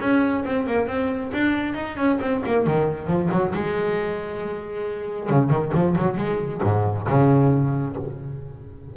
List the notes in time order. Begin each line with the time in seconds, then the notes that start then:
0.00 C#4
0.45 C4
0.67 A#3
0.87 C4
1.33 D4
1.74 D#4
1.97 C#4
2.21 C4
2.46 A#3
2.66 D#3
3.07 F3
3.32 F#3
3.54 G#3
5.29 C#3
5.50 D#3
5.74 F3
5.98 F#3
6.17 G#3
6.63 G#2
7.08 C#3